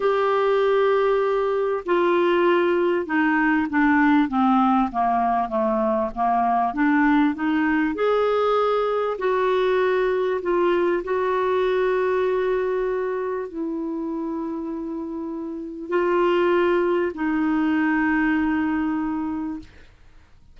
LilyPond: \new Staff \with { instrumentName = "clarinet" } { \time 4/4 \tempo 4 = 98 g'2. f'4~ | f'4 dis'4 d'4 c'4 | ais4 a4 ais4 d'4 | dis'4 gis'2 fis'4~ |
fis'4 f'4 fis'2~ | fis'2 e'2~ | e'2 f'2 | dis'1 | }